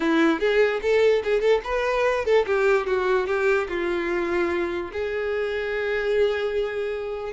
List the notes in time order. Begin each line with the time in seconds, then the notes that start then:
0.00 E4
0.39 G#4
0.81 A4
1.24 G#4
1.40 A4
1.64 B4
2.25 A4
2.46 G4
2.86 F#4
3.27 G4
3.68 F4
4.92 G#4